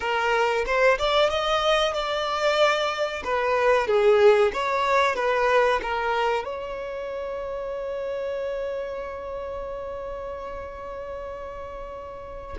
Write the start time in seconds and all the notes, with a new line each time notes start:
0.00 A#4
0.65 C5
0.98 D5
1.29 D#5
1.93 D5
3.24 B4
3.87 G#4
4.53 C#5
5.15 B4
5.82 A#4
6.44 C#5